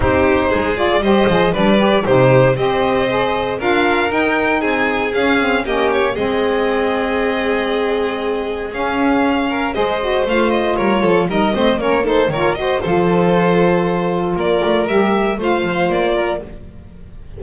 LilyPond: <<
  \new Staff \with { instrumentName = "violin" } { \time 4/4 \tempo 4 = 117 c''4. d''8 dis''4 d''4 | c''4 dis''2 f''4 | g''4 gis''4 f''4 dis''8 cis''8 | dis''1~ |
dis''4 f''2 dis''4 | f''8 dis''8 cis''4 dis''4 cis''8 c''8 | cis''8 dis''8 c''2. | d''4 e''4 f''4 d''4 | }
  \new Staff \with { instrumentName = "violin" } { \time 4/4 g'4 gis'4 c''4 b'4 | g'4 c''2 ais'4~ | ais'4 gis'2 g'4 | gis'1~ |
gis'2~ gis'8 ais'8 c''4~ | c''4 ais'8 a'8 ais'8 c''8 ais'8 a'8 | ais'8 c''8 a'2. | ais'2 c''4. ais'8 | }
  \new Staff \with { instrumentName = "saxophone" } { \time 4/4 dis'4. f'8 g'8 gis'8 d'8 g'8 | dis'4 g'4 gis'4 f'4 | dis'2 cis'8 c'8 cis'4 | c'1~ |
c'4 cis'2 gis'8 fis'8 | f'2 dis'8 c'8 cis'8 dis'8 | f'8 fis'8 f'2.~ | f'4 g'4 f'2 | }
  \new Staff \with { instrumentName = "double bass" } { \time 4/4 c'4 gis4 g8 f8 g4 | c4 c'2 d'4 | dis'4 c'4 cis'4 ais4 | gis1~ |
gis4 cis'2 gis4 | a4 g8 f8 g8 a8 ais4 | dis4 f2. | ais8 a8 g4 a8 f8 ais4 | }
>>